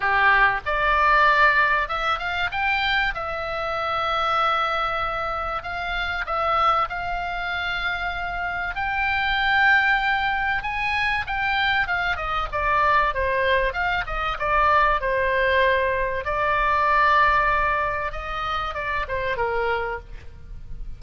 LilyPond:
\new Staff \with { instrumentName = "oboe" } { \time 4/4 \tempo 4 = 96 g'4 d''2 e''8 f''8 | g''4 e''2.~ | e''4 f''4 e''4 f''4~ | f''2 g''2~ |
g''4 gis''4 g''4 f''8 dis''8 | d''4 c''4 f''8 dis''8 d''4 | c''2 d''2~ | d''4 dis''4 d''8 c''8 ais'4 | }